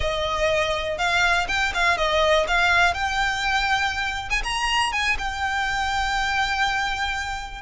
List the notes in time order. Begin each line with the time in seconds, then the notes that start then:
0.00 D#5
0.97 F5
1.48 G5
1.74 F5
1.97 D#5
2.47 F5
2.94 G5
4.30 G#5
4.43 A#5
4.92 G#5
5.18 G5